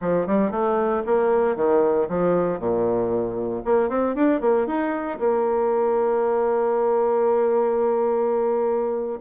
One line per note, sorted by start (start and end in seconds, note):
0.01 0.26 F3
0.26 0.51 G3
0.51 1.03 A3
1.06 1.56 A#3
1.56 2.07 D#3
2.08 2.59 F3
2.59 3.62 A#2
3.64 3.89 A#3
3.89 4.15 C4
4.15 4.40 D4
4.40 4.66 A#3
4.67 5.18 D#4
5.19 9.20 A#3